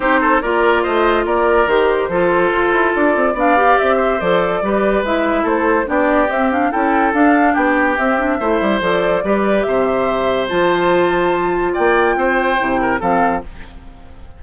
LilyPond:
<<
  \new Staff \with { instrumentName = "flute" } { \time 4/4 \tempo 4 = 143 c''4 d''4 dis''4 d''4 | c''2. d''4 | f''4 e''4 d''2 | e''4 c''4 d''4 e''8 f''8 |
g''4 f''4 g''4 e''4~ | e''4 d''2 e''4~ | e''4 a''2. | g''2. f''4 | }
  \new Staff \with { instrumentName = "oboe" } { \time 4/4 g'8 a'8 ais'4 c''4 ais'4~ | ais'4 a'2. | d''4. c''4. b'4~ | b'4 a'4 g'2 |
a'2 g'2 | c''2 b'4 c''4~ | c''1 | d''4 c''4. ais'8 a'4 | }
  \new Staff \with { instrumentName = "clarinet" } { \time 4/4 dis'4 f'2. | g'4 f'2. | d'8 g'4. a'4 g'4 | e'2 d'4 c'8 d'8 |
e'4 d'2 c'8 d'8 | e'4 a'4 g'2~ | g'4 f'2.~ | f'2 e'4 c'4 | }
  \new Staff \with { instrumentName = "bassoon" } { \time 4/4 c'4 ais4 a4 ais4 | dis4 f4 f'8 e'8 d'8 c'8 | b4 c'4 f4 g4 | gis4 a4 b4 c'4 |
cis'4 d'4 b4 c'4 | a8 g8 f4 g4 c4~ | c4 f2. | ais4 c'4 c4 f4 | }
>>